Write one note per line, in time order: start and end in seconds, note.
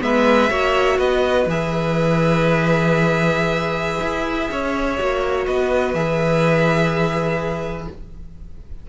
0.00 0.51 G#3
0.00 0.48 B3
0.00 0.50 B4
0.00 0.99 E5
0.50 0.99 A#3
0.50 1.47 F#4
0.50 0.98 C#5
0.98 1.46 B3
0.98 4.49 B4
0.98 1.47 D#5
1.46 4.00 E3
1.46 4.98 G#4
1.46 5.46 E5
4.01 4.50 E4
4.51 5.00 C#4
4.51 5.47 C#5
4.98 5.47 A#3
4.98 5.95 F#4
5.46 5.94 B3
5.46 7.89 B4
5.46 5.94 D#5
5.94 7.88 E3
5.94 7.88 G#4
5.94 7.87 E5